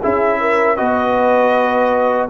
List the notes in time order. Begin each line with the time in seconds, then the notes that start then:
0.00 C#4 E4 G#4 E5
0.40 A#4
0.76 B3 F#4 B4 D#5